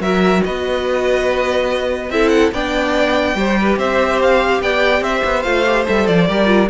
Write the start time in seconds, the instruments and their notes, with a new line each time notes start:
0.00 cello F#3, viola F#4, violin A#4 E5
0.44 cello B3, violin B4 D#5
2.10 cello C4, viola E4, violin A4 E5
2.29 violin F#5
2.52 cello B3, viola D4, violin D5 G5
3.35 cello G3, viola G4, violin C5
3.61 violin B4
3.77 cello C4, violin C5 E5
4.22 violin F5
4.61 cello B3, violin D5 G5
5.01 cello C4, violin C5 E5
5.24 cello B3
5.43 cello A3, viola F4, violin F5
5.66 viola G4
5.86 cello G3, viola A4, violin E5
6.07 cello F3, violin D5
6.28 cello G3, viola G4, violin A#4
6.46 viola F4